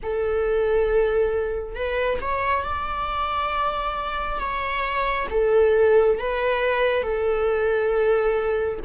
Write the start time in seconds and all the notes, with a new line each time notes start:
0.02 A4
1.74 B4
2.21 C#5
2.64 D5
4.39 C#5
5.30 A4
6.18 B4
7.02 A4